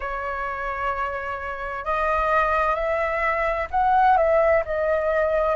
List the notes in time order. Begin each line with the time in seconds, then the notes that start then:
0.00 C#5
1.84 D#5
2.75 E5
3.70 F#5
4.17 E5
4.64 D#5